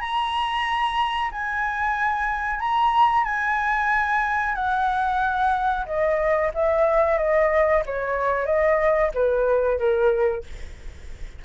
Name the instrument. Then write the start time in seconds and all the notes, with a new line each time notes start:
flute
0.00 A#5
1.31 G#5
2.60 A#5
3.24 G#5
4.55 F#5
5.85 D#5
6.54 E5
7.17 D#5
7.86 C#5
8.45 D#5
9.14 B4
9.78 A#4